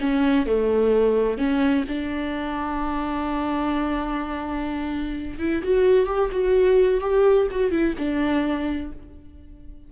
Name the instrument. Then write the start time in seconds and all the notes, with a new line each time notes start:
viola
0.00 C#4
0.46 A3
1.38 C#4
1.88 D4
5.39 E4
5.63 F#4
6.06 G4
6.32 F#4
7.00 G4
7.51 F#4
7.71 E4
7.98 D4